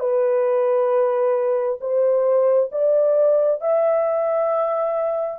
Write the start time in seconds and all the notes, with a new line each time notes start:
0.00 B4
1.81 C5
2.72 D5
3.61 E5